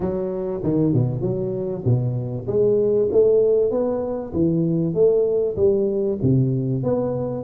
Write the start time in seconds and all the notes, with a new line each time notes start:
0.00 F#3
0.63 D#3
0.93 B2
1.21 F#3
1.84 B2
2.47 G#3
3.11 A3
3.70 B3
4.33 E3
4.93 A3
5.56 G3
6.22 C3
6.83 B3